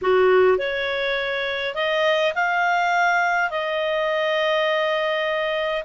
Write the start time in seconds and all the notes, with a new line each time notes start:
0.01 F#4
0.58 C#5
1.74 D#5
2.35 F5
3.50 D#5